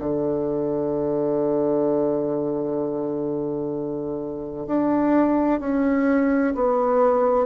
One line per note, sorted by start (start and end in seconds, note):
0.00 4.67 D3
4.67 5.60 D4
5.60 6.54 C#4
6.55 7.47 B3